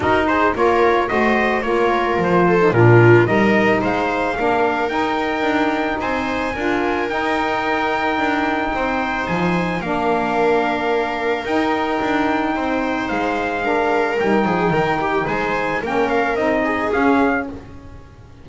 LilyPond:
<<
  \new Staff \with { instrumentName = "trumpet" } { \time 4/4 \tempo 4 = 110 ais'8 c''8 cis''4 dis''4 cis''4 | c''4 ais'4 dis''4 f''4~ | f''4 g''2 gis''4~ | gis''4 g''2.~ |
g''4 gis''4 f''2~ | f''4 g''2. | f''2 g''2 | gis''4 g''8 f''8 dis''4 f''4 | }
  \new Staff \with { instrumentName = "viola" } { \time 4/4 fis'8 gis'8 ais'4 c''4 ais'4~ | ais'8 a'8 f'4 ais'4 c''4 | ais'2. c''4 | ais'1 |
c''2 ais'2~ | ais'2. c''4~ | c''4 ais'4. gis'8 ais'8 g'8 | c''4 ais'4. gis'4. | }
  \new Staff \with { instrumentName = "saxophone" } { \time 4/4 dis'4 f'4 fis'4 f'4~ | f'8. dis'16 d'4 dis'2 | d'4 dis'2. | f'4 dis'2.~ |
dis'2 d'2~ | d'4 dis'2.~ | dis'4 d'4 dis'2~ | dis'4 cis'4 dis'4 cis'4 | }
  \new Staff \with { instrumentName = "double bass" } { \time 4/4 dis'4 ais4 a4 ais4 | f4 ais,4 g4 gis4 | ais4 dis'4 d'4 c'4 | d'4 dis'2 d'4 |
c'4 f4 ais2~ | ais4 dis'4 d'4 c'4 | gis2 g8 f8 dis4 | gis4 ais4 c'4 cis'4 | }
>>